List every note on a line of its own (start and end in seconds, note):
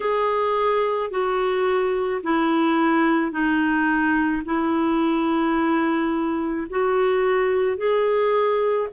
0.00 1.10 G#4
1.10 2.21 F#4
2.23 3.31 E4
3.31 4.42 D#4
4.44 6.67 E4
6.70 7.77 F#4
7.77 8.88 G#4